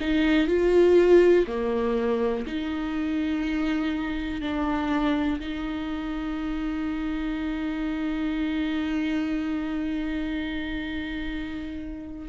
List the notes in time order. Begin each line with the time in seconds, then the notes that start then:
0.00 D#4
0.47 F4
1.47 A#3
2.46 D#4
4.41 D4
5.40 D#4